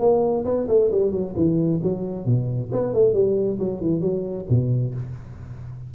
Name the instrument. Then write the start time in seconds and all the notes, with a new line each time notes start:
tuba
0.00 A#3
0.45 B3
0.69 A3
0.92 G3
1.12 F#3
1.36 E3
1.83 F#3
2.26 B2
2.72 B3
2.94 A3
3.14 G3
3.60 F#3
3.81 E3
4.01 F#3
4.50 B2